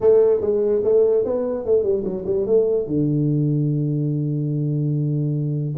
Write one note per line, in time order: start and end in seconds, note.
0.00 0.40 A3
0.40 0.81 G#3
0.84 1.24 A3
1.24 1.65 B3
1.65 1.83 A3
1.83 2.03 G3
2.03 2.24 F#3
2.25 2.46 G3
2.46 2.87 A3
2.87 5.74 D3